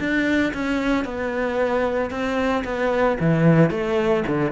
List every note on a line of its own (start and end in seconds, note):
0.00 0.53 D4
0.54 1.05 C#4
1.05 2.11 B3
2.11 2.64 C4
2.65 3.18 B3
3.20 3.71 E3
3.71 4.24 A3
4.27 4.52 D3